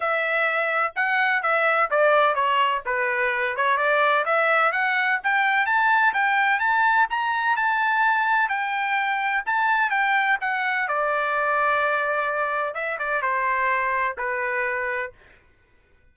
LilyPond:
\new Staff \with { instrumentName = "trumpet" } { \time 4/4 \tempo 4 = 127 e''2 fis''4 e''4 | d''4 cis''4 b'4. cis''8 | d''4 e''4 fis''4 g''4 | a''4 g''4 a''4 ais''4 |
a''2 g''2 | a''4 g''4 fis''4 d''4~ | d''2. e''8 d''8 | c''2 b'2 | }